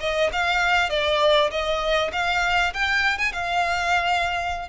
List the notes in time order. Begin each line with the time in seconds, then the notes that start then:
0.00 D#5
0.33 F5
0.90 D5
1.51 D#5
2.12 F5
2.74 G5
3.18 G#5
3.33 F5